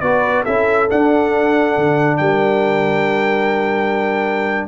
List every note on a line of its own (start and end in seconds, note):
0.00 0.45 B3
0.00 0.46 F#4
0.00 0.43 B4
0.00 0.43 D5
0.43 0.91 C#4
0.43 0.90 E4
0.43 2.17 A4
0.43 0.88 E5
0.90 4.68 D4
0.90 1.77 D4
0.90 2.17 F#5
1.77 2.20 D3
2.17 4.68 G3
2.17 4.68 A#4
2.17 4.67 G5